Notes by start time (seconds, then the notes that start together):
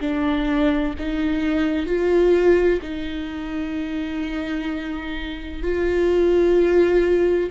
0.00 D4
0.98 D#4
1.86 F4
2.81 D#4
5.62 F4